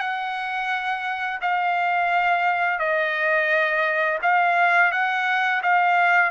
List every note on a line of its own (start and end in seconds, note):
0.00 1.40 F#5
1.42 2.79 F5
2.79 4.19 D#5
4.22 4.92 F5
4.92 5.62 F#5
5.63 6.31 F5